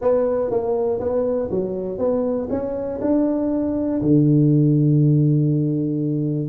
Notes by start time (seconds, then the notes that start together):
0.01 B3
0.50 A#3
0.99 B3
1.50 F#3
1.98 B3
2.50 C#4
3.01 D4
4.01 D3